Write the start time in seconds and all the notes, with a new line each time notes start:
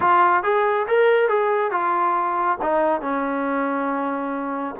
0.00 F4
0.43 G#4
0.87 A#4
1.28 G#4
1.71 F4
2.62 D#4
3.01 C#4